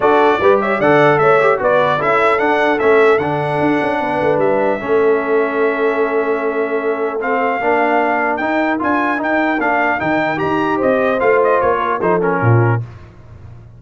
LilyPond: <<
  \new Staff \with { instrumentName = "trumpet" } { \time 4/4 \tempo 4 = 150 d''4. e''8 fis''4 e''4 | d''4 e''4 fis''4 e''4 | fis''2. e''4~ | e''1~ |
e''2 f''2~ | f''4 g''4 gis''4 g''4 | f''4 g''4 ais''4 dis''4 | f''8 dis''8 cis''4 c''8 ais'4. | }
  \new Staff \with { instrumentName = "horn" } { \time 4/4 a'4 b'8 cis''8 d''4 cis''4 | b'4 a'2.~ | a'2 b'2 | a'1~ |
a'2. ais'4~ | ais'1~ | ais'2. c''4~ | c''4. ais'8 a'4 f'4 | }
  \new Staff \with { instrumentName = "trombone" } { \time 4/4 fis'4 g'4 a'4. g'8 | fis'4 e'4 d'4 cis'4 | d'1 | cis'1~ |
cis'2 c'4 d'4~ | d'4 dis'4 f'4 dis'4 | d'4 dis'4 g'2 | f'2 dis'8 cis'4. | }
  \new Staff \with { instrumentName = "tuba" } { \time 4/4 d'4 g4 d4 a4 | b4 cis'4 d'4 a4 | d4 d'8 cis'8 b8 a8 g4 | a1~ |
a2. ais4~ | ais4 dis'4 d'4 dis'4 | ais4 dis4 dis'4 c'4 | a4 ais4 f4 ais,4 | }
>>